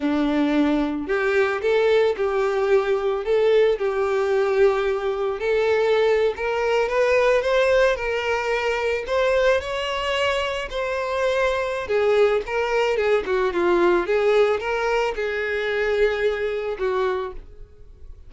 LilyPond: \new Staff \with { instrumentName = "violin" } { \time 4/4 \tempo 4 = 111 d'2 g'4 a'4 | g'2 a'4 g'4~ | g'2 a'4.~ a'16 ais'16~ | ais'8. b'4 c''4 ais'4~ ais'16~ |
ais'8. c''4 cis''2 c''16~ | c''2 gis'4 ais'4 | gis'8 fis'8 f'4 gis'4 ais'4 | gis'2. fis'4 | }